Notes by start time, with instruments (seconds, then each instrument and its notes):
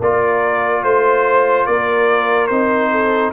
0.00 tuba A#3, trombone F4, horn A#4, trumpet D5
0.83 tuba A3, trumpet C5, horn C5
1.66 tuba A#3, horn A#4, trumpet D5
2.47 tuba C4, trombone D#4, trumpet C5
2.91 horn A4